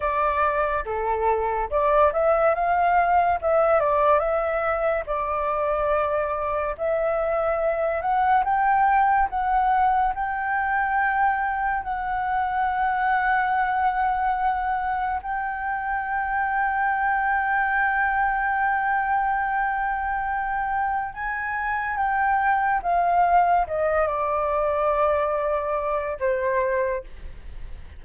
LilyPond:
\new Staff \with { instrumentName = "flute" } { \time 4/4 \tempo 4 = 71 d''4 a'4 d''8 e''8 f''4 | e''8 d''8 e''4 d''2 | e''4. fis''8 g''4 fis''4 | g''2 fis''2~ |
fis''2 g''2~ | g''1~ | g''4 gis''4 g''4 f''4 | dis''8 d''2~ d''8 c''4 | }